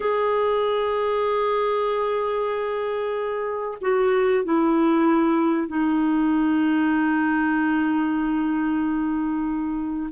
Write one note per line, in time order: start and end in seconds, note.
0.00 3.78 G#4
3.81 4.44 F#4
4.44 5.67 E4
5.67 10.09 D#4